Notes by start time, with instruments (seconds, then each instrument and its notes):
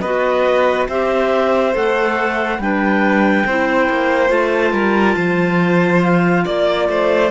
0.00 cello B3, clarinet F#4 D#5, violin B4
0.88 cello C4, clarinet G4 E5, violin C5
1.72 cello A3, clarinet A4 F#5
2.58 cello G3, clarinet D4 G5, violin B4
3.46 cello C4, clarinet E4, violin C5
3.89 cello A#3
4.27 cello A3, clarinet F4 A5
4.72 cello G3, violin A#4
5.15 cello F3, violin C5
6.02 clarinet F5
6.45 cello A#3, violin D5, clarinet D5
6.88 cello A3, violin C5